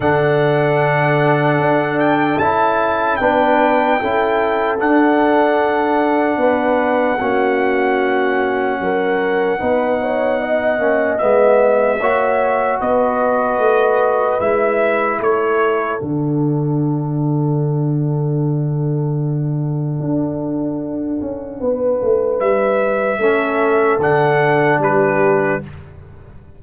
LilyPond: <<
  \new Staff \with { instrumentName = "trumpet" } { \time 4/4 \tempo 4 = 75 fis''2~ fis''8 g''8 a''4 | g''2 fis''2~ | fis''1~ | fis''2 e''2 |
dis''2 e''4 cis''4 | fis''1~ | fis''1 | e''2 fis''4 b'4 | }
  \new Staff \with { instrumentName = "horn" } { \time 4/4 a'1 | b'4 a'2. | b'4 fis'2 ais'4 | b'8 cis''8 dis''2 cis''4 |
b'2. a'4~ | a'1~ | a'2. b'4~ | b'4 a'2 g'4 | }
  \new Staff \with { instrumentName = "trombone" } { \time 4/4 d'2. e'4 | d'4 e'4 d'2~ | d'4 cis'2. | dis'4. cis'8 b4 fis'4~ |
fis'2 e'2 | d'1~ | d'1~ | d'4 cis'4 d'2 | }
  \new Staff \with { instrumentName = "tuba" } { \time 4/4 d2 d'4 cis'4 | b4 cis'4 d'2 | b4 ais2 fis4 | b4. ais8 gis4 ais4 |
b4 a4 gis4 a4 | d1~ | d4 d'4. cis'8 b8 a8 | g4 a4 d4 g4 | }
>>